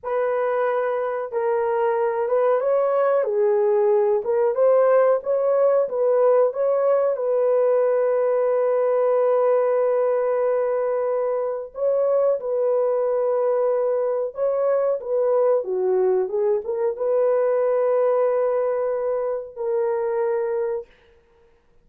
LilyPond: \new Staff \with { instrumentName = "horn" } { \time 4/4 \tempo 4 = 92 b'2 ais'4. b'8 | cis''4 gis'4. ais'8 c''4 | cis''4 b'4 cis''4 b'4~ | b'1~ |
b'2 cis''4 b'4~ | b'2 cis''4 b'4 | fis'4 gis'8 ais'8 b'2~ | b'2 ais'2 | }